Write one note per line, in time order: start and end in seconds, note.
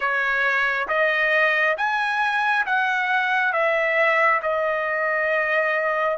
0.00 0.87 C#5
0.88 1.76 D#5
1.77 2.65 G#5
2.66 3.52 F#5
3.52 4.40 E5
4.42 6.17 D#5